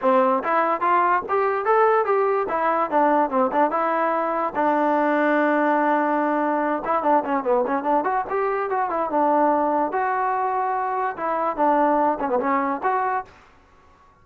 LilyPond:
\new Staff \with { instrumentName = "trombone" } { \time 4/4 \tempo 4 = 145 c'4 e'4 f'4 g'4 | a'4 g'4 e'4 d'4 | c'8 d'8 e'2 d'4~ | d'1~ |
d'8 e'8 d'8 cis'8 b8 cis'8 d'8 fis'8 | g'4 fis'8 e'8 d'2 | fis'2. e'4 | d'4. cis'16 b16 cis'4 fis'4 | }